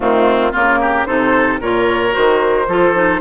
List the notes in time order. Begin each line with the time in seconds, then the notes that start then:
0.00 D#3 A3 C4 F4
0.52 C#3 A#3 F4 A#4
0.80 G4
1.05 C3 D#4 A4 C5
1.60 A#2 F4 A#4 C#5
2.11 D#3 F#4 C5
2.67 F3 F4 A4
2.94 D#4